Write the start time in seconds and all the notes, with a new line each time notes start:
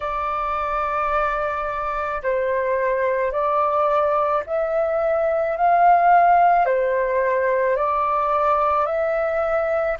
0.00 D5
2.22 C5
3.32 D5
4.46 E5
5.56 F5
6.65 C5
7.76 D5
8.86 E5